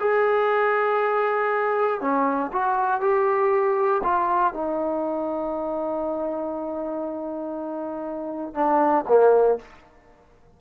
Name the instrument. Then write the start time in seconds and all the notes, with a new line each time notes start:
trombone
0.00 G#4
2.01 C#4
2.52 F#4
3.01 G4
4.03 F4
4.53 D#4
8.54 D4
9.08 A#3